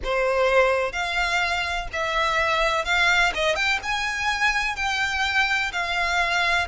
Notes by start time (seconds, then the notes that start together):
0.04 C5
0.92 F5
1.93 E5
2.84 F5
3.34 D#5
3.55 G5
3.82 G#5
4.76 G5
5.72 F5